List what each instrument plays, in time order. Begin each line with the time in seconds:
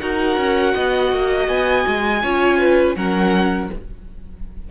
0.00 cello D#4, viola F#4, violin A#4 F#5
0.37 cello C#4
0.74 cello B3, violin D#5
1.12 cello A#3
1.48 cello B3, violin G#5
1.87 cello G#3
2.23 cello C#4, viola F4, violin C#5
2.58 violin B4
2.95 cello F#3, viola C#4, violin A#4 F#5